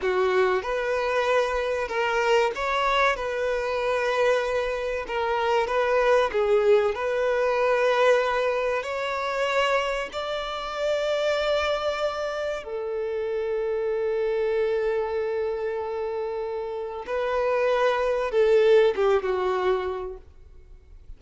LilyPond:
\new Staff \with { instrumentName = "violin" } { \time 4/4 \tempo 4 = 95 fis'4 b'2 ais'4 | cis''4 b'2. | ais'4 b'4 gis'4 b'4~ | b'2 cis''2 |
d''1 | a'1~ | a'2. b'4~ | b'4 a'4 g'8 fis'4. | }